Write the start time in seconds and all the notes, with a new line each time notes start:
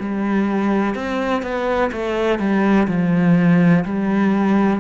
0.00 G3
0.95 C4
1.43 B3
1.92 A3
2.39 G3
2.88 F3
3.85 G3